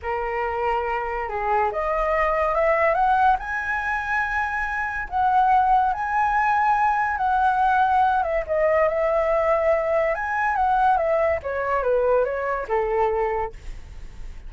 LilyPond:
\new Staff \with { instrumentName = "flute" } { \time 4/4 \tempo 4 = 142 ais'2. gis'4 | dis''2 e''4 fis''4 | gis''1 | fis''2 gis''2~ |
gis''4 fis''2~ fis''8 e''8 | dis''4 e''2. | gis''4 fis''4 e''4 cis''4 | b'4 cis''4 a'2 | }